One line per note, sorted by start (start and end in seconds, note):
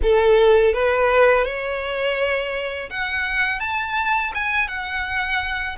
0.02 0.73 A4
0.73 1.45 B4
1.45 2.89 C#5
2.89 3.59 F#5
3.59 4.32 A5
4.34 4.68 G#5
4.68 5.76 F#5